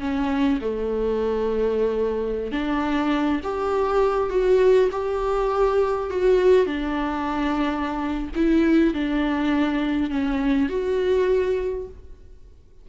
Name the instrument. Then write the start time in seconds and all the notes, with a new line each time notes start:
viola
0.00 C#4
0.61 A3
2.52 D4
3.43 G4
4.30 F#4
4.91 G4
6.10 F#4
6.66 D4
8.35 E4
8.94 D4
10.10 C#4
10.69 F#4